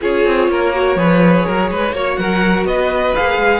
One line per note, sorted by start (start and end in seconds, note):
0.01 0.26 C#4
0.01 0.74 F4
0.01 0.50 G#4
0.01 2.15 C#5
0.26 0.48 C4
0.48 0.95 A#3
0.48 0.98 A#4
0.74 0.96 F#4
0.95 1.44 F3
0.95 1.93 G#4
0.95 1.46 B4
1.46 1.70 F#3
1.46 1.70 A#4
1.70 1.92 G#3
1.70 1.95 B4
1.92 2.16 A#3
1.92 3.15 F#4
1.92 2.18 C#5
2.15 2.64 F#3
2.15 2.66 A#4
2.15 2.63 F#5
2.64 3.12 B3
2.64 3.60 B4
2.64 3.15 D#5
3.15 3.37 A#3
3.15 3.60 G#4
3.15 3.60 F5
3.37 3.60 G#3